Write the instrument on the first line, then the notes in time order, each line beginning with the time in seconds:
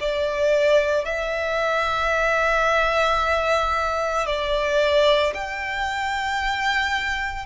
violin
0.00 D5
1.05 E5
4.26 D5
5.34 G5